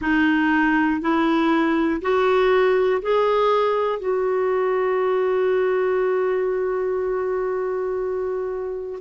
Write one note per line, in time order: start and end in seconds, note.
0.01 1.00 D#4
1.00 2.00 E4
2.01 3.01 F#4
3.01 3.99 G#4
3.99 8.99 F#4